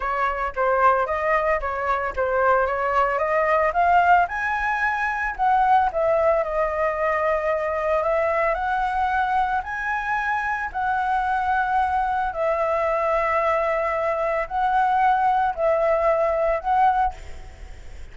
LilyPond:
\new Staff \with { instrumentName = "flute" } { \time 4/4 \tempo 4 = 112 cis''4 c''4 dis''4 cis''4 | c''4 cis''4 dis''4 f''4 | gis''2 fis''4 e''4 | dis''2. e''4 |
fis''2 gis''2 | fis''2. e''4~ | e''2. fis''4~ | fis''4 e''2 fis''4 | }